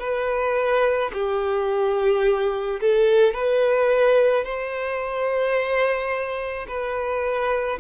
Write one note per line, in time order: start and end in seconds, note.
0.00 1.11 B4
1.14 2.80 G4
2.81 3.34 A4
3.34 4.45 B4
4.45 6.67 C5
6.68 7.79 B4